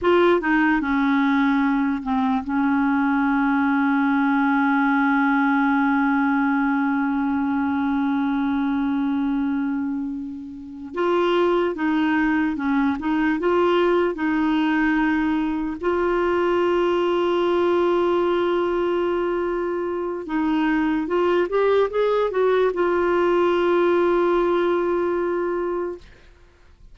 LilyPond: \new Staff \with { instrumentName = "clarinet" } { \time 4/4 \tempo 4 = 74 f'8 dis'8 cis'4. c'8 cis'4~ | cis'1~ | cis'1~ | cis'4. f'4 dis'4 cis'8 |
dis'8 f'4 dis'2 f'8~ | f'1~ | f'4 dis'4 f'8 g'8 gis'8 fis'8 | f'1 | }